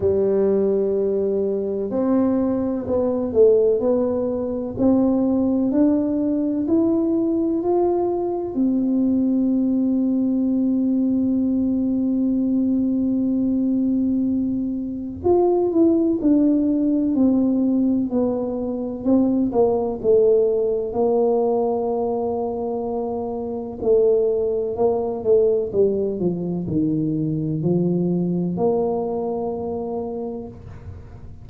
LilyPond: \new Staff \with { instrumentName = "tuba" } { \time 4/4 \tempo 4 = 63 g2 c'4 b8 a8 | b4 c'4 d'4 e'4 | f'4 c'2.~ | c'1 |
f'8 e'8 d'4 c'4 b4 | c'8 ais8 a4 ais2~ | ais4 a4 ais8 a8 g8 f8 | dis4 f4 ais2 | }